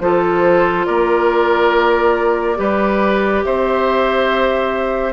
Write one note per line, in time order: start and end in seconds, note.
0.00 0.86 F3
0.00 2.56 F4
0.00 0.86 A4
0.00 0.86 C5
0.86 2.59 A#3
0.86 2.58 A#4
0.86 3.43 D5
2.56 3.44 G3
2.56 5.13 G4
2.56 3.45 B4
3.44 5.13 C4
3.44 5.13 C5
3.44 5.13 E5